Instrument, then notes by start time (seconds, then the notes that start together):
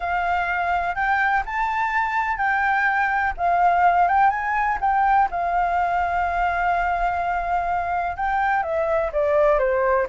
flute
0.00 F5
0.95 G5
1.45 A5
2.37 G5
3.37 F5
4.08 G5
4.29 G#5
4.80 G5
5.31 F5
8.16 G5
8.62 E5
9.12 D5
9.59 C5